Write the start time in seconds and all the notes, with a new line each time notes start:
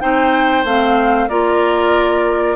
0.00 C4 D#4 C5 G5
0.64 A3 C4 F5
1.28 A#3 F4 A#4 D5